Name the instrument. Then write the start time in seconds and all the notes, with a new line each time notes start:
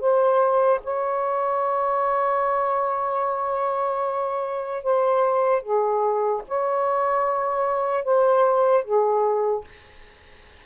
saxophone
0.00 C5
0.84 C#5
4.83 C5
5.62 G#4
6.48 C#5
8.04 C5
8.84 G#4